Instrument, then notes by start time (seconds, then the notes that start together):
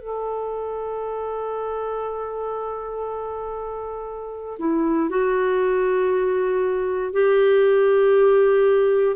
clarinet
0.00 A4
4.59 E4
5.10 F#4
7.13 G4